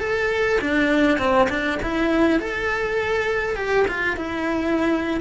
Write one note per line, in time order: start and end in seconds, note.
0.00 0.59 A4
0.61 1.19 D4
1.19 1.48 C4
1.50 1.79 D4
1.83 2.40 E4
2.40 3.56 A4
3.56 3.86 G4
3.88 4.17 F4
4.17 5.21 E4